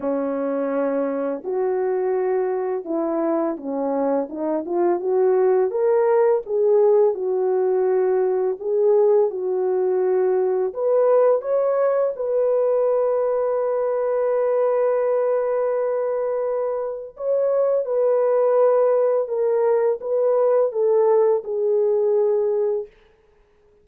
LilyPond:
\new Staff \with { instrumentName = "horn" } { \time 4/4 \tempo 4 = 84 cis'2 fis'2 | e'4 cis'4 dis'8 f'8 fis'4 | ais'4 gis'4 fis'2 | gis'4 fis'2 b'4 |
cis''4 b'2.~ | b'1 | cis''4 b'2 ais'4 | b'4 a'4 gis'2 | }